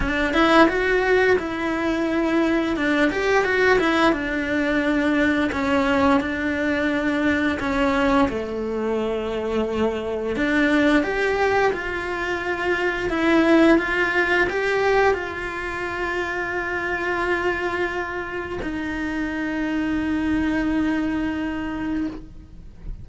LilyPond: \new Staff \with { instrumentName = "cello" } { \time 4/4 \tempo 4 = 87 d'8 e'8 fis'4 e'2 | d'8 g'8 fis'8 e'8 d'2 | cis'4 d'2 cis'4 | a2. d'4 |
g'4 f'2 e'4 | f'4 g'4 f'2~ | f'2. dis'4~ | dis'1 | }